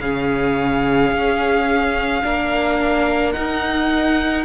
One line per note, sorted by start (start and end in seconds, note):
0.00 1.11 C#3
0.00 2.22 C#4
0.00 2.23 G#4
0.00 3.32 F5
1.11 2.22 C#4
2.22 3.35 A#3
2.22 3.33 D4
2.22 4.45 A#4
3.32 4.44 D#4
3.32 4.45 D#4
3.32 4.44 F#5